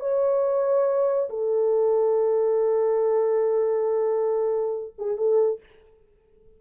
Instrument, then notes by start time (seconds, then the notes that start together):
horn
0.00 C#5
1.29 A4
4.98 G#4
5.17 A4